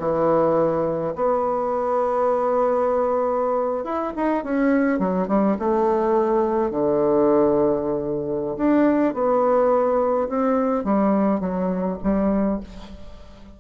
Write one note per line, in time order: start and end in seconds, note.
0.00 1.14 E3
1.16 3.84 B3
3.84 4.13 E4
4.17 4.44 D#4
4.44 4.99 C#4
4.99 5.28 F#3
5.28 5.57 G3
5.59 6.71 A3
6.71 8.57 D3
8.58 9.14 D4
9.14 10.29 B3
10.29 10.85 C4
10.85 11.41 G3
11.41 11.98 F#3
12.04 12.61 G3